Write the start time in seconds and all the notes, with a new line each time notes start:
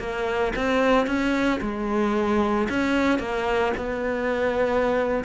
0.00 A#3
0.56 C4
1.07 C#4
1.61 G#3
2.70 C#4
3.19 A#3
3.77 B3